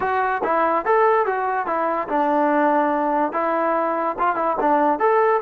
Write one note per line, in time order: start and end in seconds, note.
0.00 0.41 F#4
0.43 0.85 E4
0.85 1.26 A4
1.26 1.66 F#4
1.66 2.08 E4
2.08 3.32 D4
3.32 4.16 E4
4.18 4.35 F4
4.35 4.56 E4
4.60 4.99 D4
4.99 5.41 A4